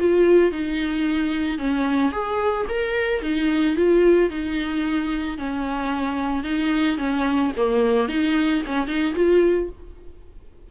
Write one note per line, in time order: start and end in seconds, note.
0.00 0.52 F4
0.52 1.59 D#4
1.59 2.13 C#4
2.13 2.67 G#4
2.69 3.22 A#4
3.22 3.76 D#4
3.76 4.30 F4
4.30 5.38 D#4
5.38 6.44 C#4
6.44 6.98 D#4
6.98 7.52 C#4
7.57 8.09 A#3
8.09 8.63 D#4
8.67 8.87 C#4
8.87 9.14 D#4
9.15 9.69 F4